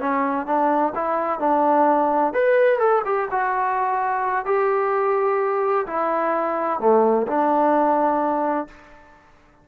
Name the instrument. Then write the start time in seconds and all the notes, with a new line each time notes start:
trombone
0.00 C#4
0.46 D4
0.95 E4
1.40 D4
2.34 B4
2.79 A4
3.05 G4
3.31 F#4
4.46 G4
5.87 E4
6.80 A3
7.27 D4